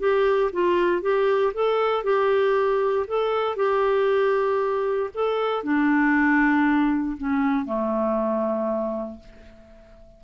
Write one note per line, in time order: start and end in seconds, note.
0.00 0.51 G4
0.53 1.02 F4
1.02 1.54 G4
1.54 2.04 A4
2.04 3.07 G4
3.08 3.56 A4
3.56 5.10 G4
5.15 5.64 A4
5.64 7.17 D4
7.18 7.66 C#4
7.66 9.20 A3